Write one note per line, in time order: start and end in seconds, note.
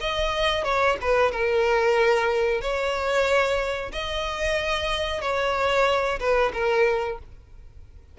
0.00 0.64 D#5
0.64 0.96 C#5
1.01 1.31 B4
1.31 2.61 A#4
2.61 3.91 C#5
3.92 5.21 D#5
5.21 6.19 C#5
6.19 6.52 B4
6.53 7.18 A#4